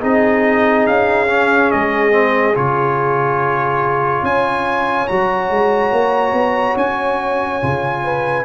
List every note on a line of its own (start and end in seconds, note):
0.00 0.87 C4
0.00 1.27 D#4
0.00 4.23 G#4
0.00 0.86 D#5
0.86 1.72 C#4
0.86 1.71 F5
1.27 2.11 C#4
1.71 2.56 G#3
1.71 2.55 D#5
2.11 2.54 C4
2.54 4.23 C#3
2.54 5.08 F4
2.54 4.25 C#5
4.23 5.07 C#4
4.23 8.04 C#5
4.23 5.07 G#5
5.07 5.50 F#3
5.07 7.61 F#4
5.07 6.76 A#5
5.50 5.92 G#3
5.92 6.32 A#3
6.32 6.75 B3
6.77 7.61 C#4
6.77 8.45 G#5
7.62 8.45 C#3
7.62 8.45 F4
8.04 8.45 B4